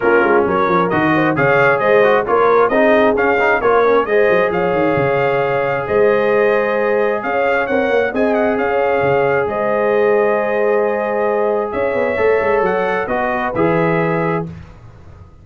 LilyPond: <<
  \new Staff \with { instrumentName = "trumpet" } { \time 4/4 \tempo 4 = 133 ais'4 cis''4 dis''4 f''4 | dis''4 cis''4 dis''4 f''4 | cis''4 dis''4 f''2~ | f''4 dis''2. |
f''4 fis''4 gis''8 fis''8 f''4~ | f''4 dis''2.~ | dis''2 e''2 | fis''4 dis''4 e''2 | }
  \new Staff \with { instrumentName = "horn" } { \time 4/4 f'4 ais'4. c''8 cis''4 | c''4 ais'4 gis'2 | ais'4 c''4 cis''2~ | cis''4 c''2. |
cis''2 dis''4 cis''4~ | cis''4 c''2.~ | c''2 cis''2~ | cis''4 b'2. | }
  \new Staff \with { instrumentName = "trombone" } { \time 4/4 cis'2 fis'4 gis'4~ | gis'8 fis'8 f'4 dis'4 cis'8 dis'8 | f'8 cis'8 gis'2.~ | gis'1~ |
gis'4 ais'4 gis'2~ | gis'1~ | gis'2. a'4~ | a'4 fis'4 gis'2 | }
  \new Staff \with { instrumentName = "tuba" } { \time 4/4 ais8 gis8 fis8 f8 dis4 cis4 | gis4 ais4 c'4 cis'4 | ais4 gis8 fis8 f8 dis8 cis4~ | cis4 gis2. |
cis'4 c'8 ais8 c'4 cis'4 | cis4 gis2.~ | gis2 cis'8 b8 a8 gis8 | fis4 b4 e2 | }
>>